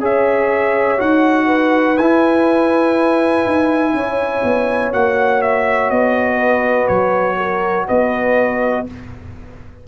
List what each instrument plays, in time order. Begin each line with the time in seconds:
0.00 tuba C#4, trombone G#4, horn C#5, trumpet E5
0.97 tuba D#4, trombone F#4, trumpet F#5
1.46 horn B4
1.97 tuba E4, trombone E4, trumpet G#5
3.46 tuba D#4
3.92 tuba C#4, horn C#5
4.43 tuba B3
4.92 tuba A#3, trombone F#4, trumpet F#5
5.41 trumpet E5
5.90 tuba B3, trumpet D#5
6.37 horn B4
6.87 tuba F#3, trumpet C#5
7.37 horn A#4
7.87 tuba B3, horn B4, trumpet D#5